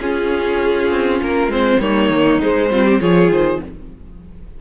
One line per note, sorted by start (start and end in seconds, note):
0.00 0.90 C#4
0.00 1.52 C#4
0.00 1.80 F4
0.00 1.21 G#4
0.91 1.21 C4
1.22 1.48 A#3
1.22 1.52 A#4
1.48 1.78 G#3
1.48 1.81 C4
1.48 1.81 C5
1.80 2.10 G3
1.80 2.41 A#3
1.80 2.70 D#4
1.80 2.41 C#5
2.10 2.40 D#3
2.41 2.71 G#3
2.41 2.70 G#3
2.41 3.01 C5
2.70 3.00 G3
2.70 3.00 C4
2.70 2.85 F4
2.85 3.00 G4
3.00 3.30 F3
3.00 3.60 F4
3.00 3.61 G#4
3.00 3.31 C#5
3.30 3.60 D#3
3.30 3.62 C5